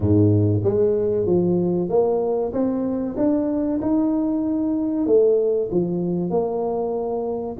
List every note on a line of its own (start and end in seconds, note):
0.00 0.62 G#2
0.63 1.26 G#3
1.26 1.89 F3
1.89 2.52 A#3
2.52 3.16 C4
3.16 3.80 D4
3.81 5.06 D#4
5.06 5.69 A3
5.71 6.30 F3
6.30 7.56 A#3